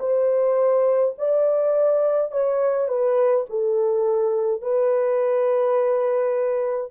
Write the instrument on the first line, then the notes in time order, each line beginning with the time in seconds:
horn
0.00 C5
1.19 D5
2.32 C#5
2.88 B4
3.50 A4
4.62 B4